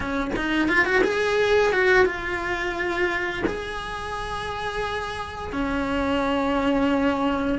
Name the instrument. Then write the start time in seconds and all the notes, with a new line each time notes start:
cello
0.00 C#4
0.35 D#4
0.68 F4
0.85 F#4
1.04 G#4
1.72 F#4
2.05 F4
3.46 G#4
5.52 C#4